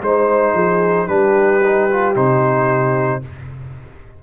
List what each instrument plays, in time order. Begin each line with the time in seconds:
0.00 tuba G#3, trombone D#4, trumpet C5, horn C5
0.53 tuba F3, horn G#4
1.07 tuba G3, trombone D4, horn G4, trumpet B4
1.63 trombone D#4
1.90 trombone F4
2.14 tuba C3, trombone D#4, trumpet C5